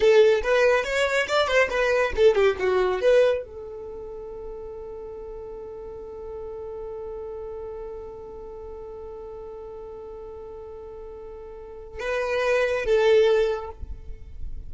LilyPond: \new Staff \with { instrumentName = "violin" } { \time 4/4 \tempo 4 = 140 a'4 b'4 cis''4 d''8 c''8 | b'4 a'8 g'8 fis'4 b'4 | a'1~ | a'1~ |
a'1~ | a'1~ | a'1 | b'2 a'2 | }